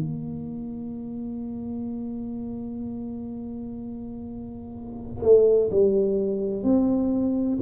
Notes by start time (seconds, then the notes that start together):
0.00 A#3
5.23 A3
5.71 G3
6.64 C4